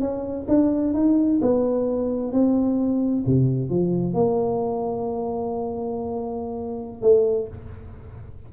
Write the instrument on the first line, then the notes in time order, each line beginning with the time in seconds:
tuba
0.00 C#4
0.48 D4
0.94 D#4
1.41 B3
2.32 C4
3.26 C3
3.70 F3
4.13 A#3
7.01 A3